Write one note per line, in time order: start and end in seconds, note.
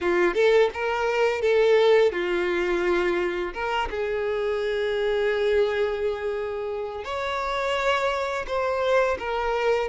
0.00 0.34 F4
0.34 0.69 A4
0.73 1.41 A#4
1.41 2.11 A4
2.11 3.53 F4
3.53 3.88 A#4
3.90 7.04 G#4
7.04 8.45 C#5
8.47 9.17 C5
9.18 9.89 A#4